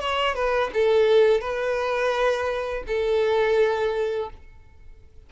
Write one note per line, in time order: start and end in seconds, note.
0.00 0.35 C#5
0.35 0.71 B4
0.74 1.41 A4
1.41 2.84 B4
2.87 4.30 A4